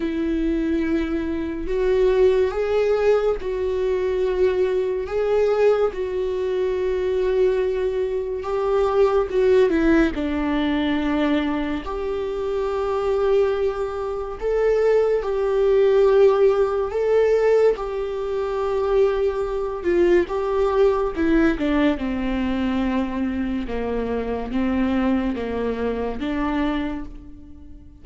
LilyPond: \new Staff \with { instrumentName = "viola" } { \time 4/4 \tempo 4 = 71 e'2 fis'4 gis'4 | fis'2 gis'4 fis'4~ | fis'2 g'4 fis'8 e'8 | d'2 g'2~ |
g'4 a'4 g'2 | a'4 g'2~ g'8 f'8 | g'4 e'8 d'8 c'2 | ais4 c'4 ais4 d'4 | }